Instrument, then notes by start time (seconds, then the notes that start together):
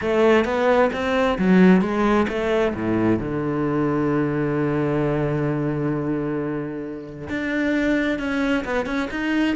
cello
0.01 A3
0.44 B3
0.92 C4
1.38 F#3
1.81 G#3
2.28 A3
2.74 A2
3.19 D3
7.29 D4
8.19 C#4
8.65 B3
8.86 C#4
9.10 D#4